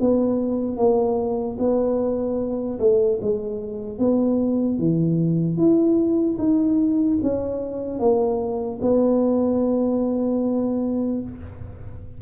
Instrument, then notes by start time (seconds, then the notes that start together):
tuba
0.00 B3
0.77 A#3
1.59 B3
2.79 A3
3.21 G#3
3.99 B3
4.79 E3
5.57 E4
6.39 D#4
7.23 C#4
7.99 A#3
8.82 B3